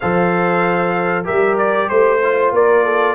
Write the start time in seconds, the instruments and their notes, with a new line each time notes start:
0.00 tuba F3, trombone A4, horn C5, trumpet F5
1.24 tuba G3, trombone G4, horn A#4, trumpet E5
1.58 trumpet D5
1.89 tuba A3, trumpet C5, horn C5
2.23 trombone F4
2.52 tuba A#3, horn A#4, trumpet D5
2.84 horn A4